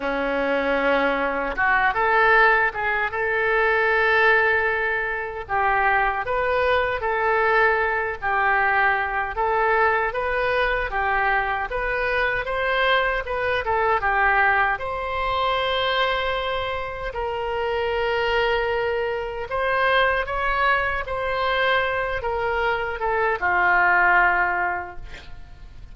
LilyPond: \new Staff \with { instrumentName = "oboe" } { \time 4/4 \tempo 4 = 77 cis'2 fis'8 a'4 gis'8 | a'2. g'4 | b'4 a'4. g'4. | a'4 b'4 g'4 b'4 |
c''4 b'8 a'8 g'4 c''4~ | c''2 ais'2~ | ais'4 c''4 cis''4 c''4~ | c''8 ais'4 a'8 f'2 | }